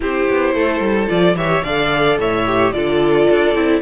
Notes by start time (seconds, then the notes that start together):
0.00 C4 E4 G4 C5
0.29 B3
0.54 A3 A4
0.80 G3
1.07 F3 F4 D5
1.34 E3 G4 C#5 E5
1.63 D3 A4 D5 F5
2.18 A2 C#5 E5
2.46 G4
2.71 D3 F4 A4 D5
3.30 D4
3.54 C4 E4